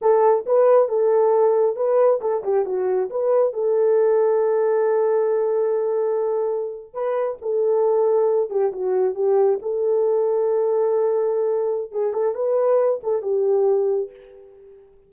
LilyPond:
\new Staff \with { instrumentName = "horn" } { \time 4/4 \tempo 4 = 136 a'4 b'4 a'2 | b'4 a'8 g'8 fis'4 b'4 | a'1~ | a'2.~ a'8. b'16~ |
b'8. a'2~ a'8 g'8 fis'16~ | fis'8. g'4 a'2~ a'16~ | a'2. gis'8 a'8 | b'4. a'8 g'2 | }